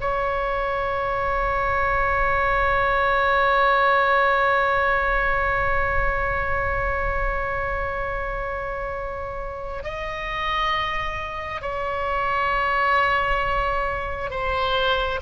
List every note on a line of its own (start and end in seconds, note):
0.00 9.83 C#5
9.83 11.61 D#5
11.61 14.30 C#5
14.30 15.20 C5